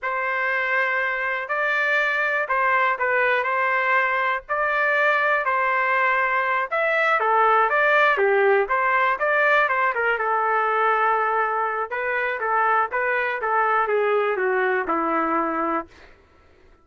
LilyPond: \new Staff \with { instrumentName = "trumpet" } { \time 4/4 \tempo 4 = 121 c''2. d''4~ | d''4 c''4 b'4 c''4~ | c''4 d''2 c''4~ | c''4. e''4 a'4 d''8~ |
d''8 g'4 c''4 d''4 c''8 | ais'8 a'2.~ a'8 | b'4 a'4 b'4 a'4 | gis'4 fis'4 e'2 | }